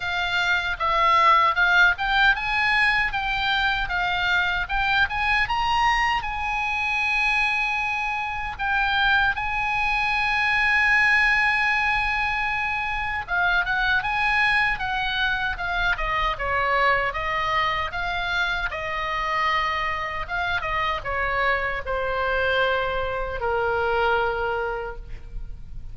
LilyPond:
\new Staff \with { instrumentName = "oboe" } { \time 4/4 \tempo 4 = 77 f''4 e''4 f''8 g''8 gis''4 | g''4 f''4 g''8 gis''8 ais''4 | gis''2. g''4 | gis''1~ |
gis''4 f''8 fis''8 gis''4 fis''4 | f''8 dis''8 cis''4 dis''4 f''4 | dis''2 f''8 dis''8 cis''4 | c''2 ais'2 | }